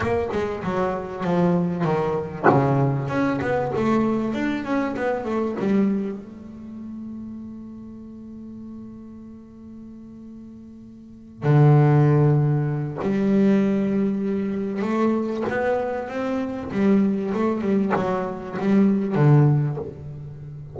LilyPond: \new Staff \with { instrumentName = "double bass" } { \time 4/4 \tempo 4 = 97 ais8 gis8 fis4 f4 dis4 | cis4 cis'8 b8 a4 d'8 cis'8 | b8 a8 g4 a2~ | a1~ |
a2~ a8 d4.~ | d4 g2. | a4 b4 c'4 g4 | a8 g8 fis4 g4 d4 | }